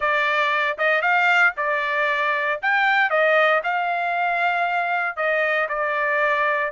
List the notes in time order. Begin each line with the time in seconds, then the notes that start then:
0.00 D5
0.78 D#5
1.01 F5
1.57 D5
2.62 G5
3.09 D#5
3.63 F5
5.16 D#5
5.68 D5